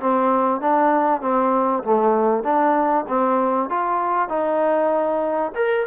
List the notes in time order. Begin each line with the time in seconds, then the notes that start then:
0.00 C4
0.61 D4
1.21 C4
1.84 A3
2.44 D4
3.08 C4
3.70 F4
4.29 D#4
5.55 A#4